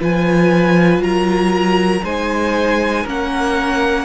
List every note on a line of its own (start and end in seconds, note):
0.00 0.98 F3
0.00 2.04 F4
0.00 1.01 B4
0.00 1.03 G#5
0.98 2.00 F#3
0.98 2.03 A#4
0.98 2.04 A#5
2.03 3.05 G#3
2.03 3.06 D#4
2.03 3.03 C5
2.03 3.06 G#5
3.03 4.05 A#3
3.03 4.05 C#4
3.03 4.05 A#4
3.03 4.05 F#5